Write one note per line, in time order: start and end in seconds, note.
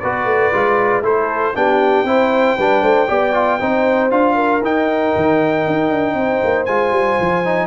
0.00 0.25 B3
0.00 0.53 F#4
0.00 1.04 B4
0.00 1.03 D5
0.25 0.51 A3
0.53 1.02 G#3
0.53 1.03 F4
1.02 1.53 A3
1.02 1.54 E4
1.02 1.56 A4
1.02 1.56 C5
1.55 2.04 B3
1.55 2.06 D4
1.55 2.07 G4
1.55 4.11 G5
2.04 2.55 C4
2.04 2.57 E4
2.04 2.57 C5
2.57 2.83 G3
2.57 3.08 D4
2.57 2.83 B4
2.83 3.08 A3
2.83 3.08 C5
3.08 3.61 B3
3.08 3.34 G4
3.08 3.59 D5
3.34 3.59 F4
3.60 4.11 C4
3.60 4.10 D#4
3.60 4.35 C5
4.10 4.62 D4
4.10 4.62 F4
4.10 4.62 F5
4.35 6.14 A#4
4.62 5.13 D#4
4.62 6.68 D#4
4.62 6.66 G5
5.16 5.67 D#3
5.67 5.90 D#4
5.90 6.14 D4
6.14 6.40 C4
6.14 7.67 C5
6.44 6.68 A#3
6.66 6.91 G#3
6.66 7.45 F4
6.66 7.67 G#5
6.91 7.17 G3
7.20 7.67 F3
7.45 7.67 D#4